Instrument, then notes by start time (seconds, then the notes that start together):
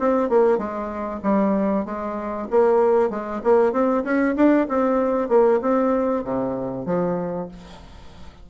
bassoon
0.00 C4
0.29 A#3
0.58 G#3
1.23 G3
1.86 G#3
2.50 A#3
3.10 G#3
3.44 A#3
3.73 C4
4.04 C#4
4.36 D4
4.69 C4
5.29 A#3
5.62 C4
6.24 C3
6.86 F3